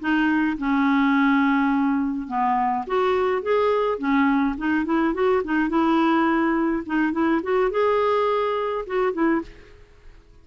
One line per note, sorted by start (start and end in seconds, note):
0.00 0.57 D#4
0.58 2.28 C#4
2.28 2.85 B3
2.87 3.42 F#4
3.42 3.98 G#4
3.98 4.56 C#4
4.57 4.85 D#4
4.85 5.14 E4
5.14 5.42 F#4
5.44 5.69 D#4
5.69 6.83 E4
6.86 7.12 D#4
7.12 7.41 E4
7.43 7.71 F#4
7.71 8.85 G#4
8.86 9.13 F#4
9.13 9.41 E4